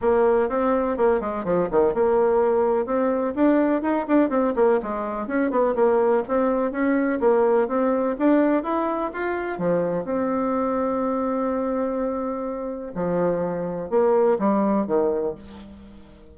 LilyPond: \new Staff \with { instrumentName = "bassoon" } { \time 4/4 \tempo 4 = 125 ais4 c'4 ais8 gis8 f8 dis8 | ais2 c'4 d'4 | dis'8 d'8 c'8 ais8 gis4 cis'8 b8 | ais4 c'4 cis'4 ais4 |
c'4 d'4 e'4 f'4 | f4 c'2.~ | c'2. f4~ | f4 ais4 g4 dis4 | }